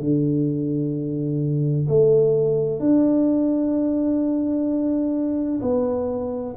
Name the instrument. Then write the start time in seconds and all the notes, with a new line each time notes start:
tuba
0.00 D3
1.88 A3
2.80 D4
5.62 B3